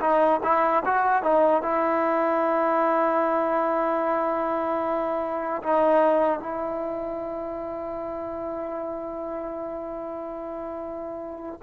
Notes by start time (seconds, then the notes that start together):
0.00 D#4
0.43 E4
0.85 F#4
1.23 D#4
1.62 E4
5.63 D#4
6.39 E4